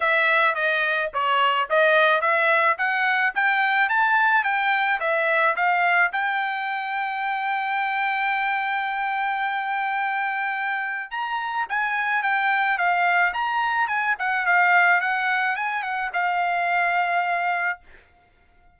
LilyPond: \new Staff \with { instrumentName = "trumpet" } { \time 4/4 \tempo 4 = 108 e''4 dis''4 cis''4 dis''4 | e''4 fis''4 g''4 a''4 | g''4 e''4 f''4 g''4~ | g''1~ |
g''1 | ais''4 gis''4 g''4 f''4 | ais''4 gis''8 fis''8 f''4 fis''4 | gis''8 fis''8 f''2. | }